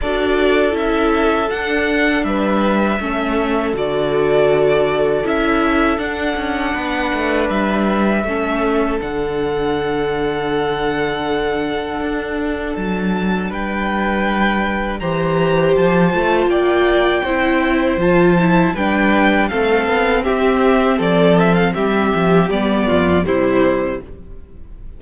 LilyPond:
<<
  \new Staff \with { instrumentName = "violin" } { \time 4/4 \tempo 4 = 80 d''4 e''4 fis''4 e''4~ | e''4 d''2 e''4 | fis''2 e''2 | fis''1~ |
fis''4 a''4 g''2 | ais''4 a''4 g''2 | a''4 g''4 f''4 e''4 | d''8 e''16 f''16 e''4 d''4 c''4 | }
  \new Staff \with { instrumentName = "violin" } { \time 4/4 a'2. b'4 | a'1~ | a'4 b'2 a'4~ | a'1~ |
a'2 b'2 | c''2 d''4 c''4~ | c''4 b'4 a'4 g'4 | a'4 g'4. f'8 e'4 | }
  \new Staff \with { instrumentName = "viola" } { \time 4/4 fis'4 e'4 d'2 | cis'4 fis'2 e'4 | d'2. cis'4 | d'1~ |
d'1 | g'4. f'4. e'4 | f'8 e'8 d'4 c'2~ | c'2 b4 g4 | }
  \new Staff \with { instrumentName = "cello" } { \time 4/4 d'4 cis'4 d'4 g4 | a4 d2 cis'4 | d'8 cis'8 b8 a8 g4 a4 | d1 |
d'4 fis4 g2 | e4 f8 a8 ais4 c'4 | f4 g4 a8 b8 c'4 | f4 g8 f8 g8 f,8 c4 | }
>>